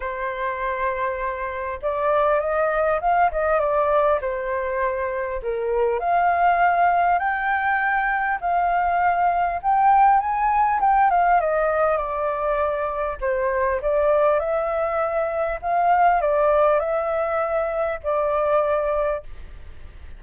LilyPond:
\new Staff \with { instrumentName = "flute" } { \time 4/4 \tempo 4 = 100 c''2. d''4 | dis''4 f''8 dis''8 d''4 c''4~ | c''4 ais'4 f''2 | g''2 f''2 |
g''4 gis''4 g''8 f''8 dis''4 | d''2 c''4 d''4 | e''2 f''4 d''4 | e''2 d''2 | }